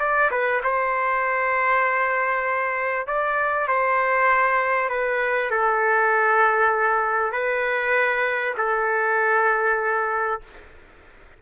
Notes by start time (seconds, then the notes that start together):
0.00 D5
0.31 B4
0.64 C5
3.08 D5
3.68 C5
4.90 B4
5.51 A4
7.33 B4
8.58 A4